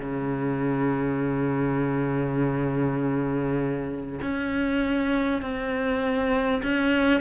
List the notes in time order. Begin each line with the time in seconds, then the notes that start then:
0.00 C#3
4.22 C#4
5.42 C4
6.63 C#4